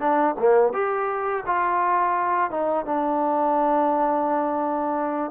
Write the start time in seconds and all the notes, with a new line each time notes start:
0.00 D4
0.39 A#3
0.73 G4
1.46 F4
2.51 D#4
2.86 D4